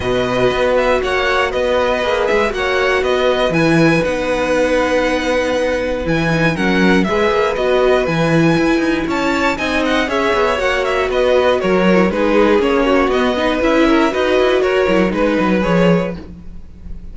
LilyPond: <<
  \new Staff \with { instrumentName = "violin" } { \time 4/4 \tempo 4 = 119 dis''4. e''8 fis''4 dis''4~ | dis''8 e''8 fis''4 dis''4 gis''4 | fis''1 | gis''4 fis''4 e''4 dis''4 |
gis''2 a''4 gis''8 fis''8 | e''4 fis''8 e''8 dis''4 cis''4 | b'4 cis''4 dis''4 e''4 | dis''4 cis''4 b'4 cis''4 | }
  \new Staff \with { instrumentName = "violin" } { \time 4/4 b'2 cis''4 b'4~ | b'4 cis''4 b'2~ | b'1~ | b'4 ais'4 b'2~ |
b'2 cis''4 dis''4 | cis''2 b'4 ais'4 | gis'4. fis'4 b'4 ais'8 | b'4 ais'4 b'2 | }
  \new Staff \with { instrumentName = "viola" } { \time 4/4 fis'1 | gis'4 fis'2 e'4 | dis'1 | e'8 dis'8 cis'4 gis'4 fis'4 |
e'2. dis'4 | gis'4 fis'2~ fis'8. e'16 | dis'4 cis'4 b8 dis'8 e'4 | fis'4. e'8 dis'4 gis'4 | }
  \new Staff \with { instrumentName = "cello" } { \time 4/4 b,4 b4 ais4 b4 | ais8 gis8 ais4 b4 e4 | b1 | e4 fis4 gis8 ais8 b4 |
e4 e'8 dis'8 cis'4 c'4 | cis'8 b8 ais4 b4 fis4 | gis4 ais4 b4 cis'4 | dis'8 e'8 fis'8 fis8 gis8 fis8 f4 | }
>>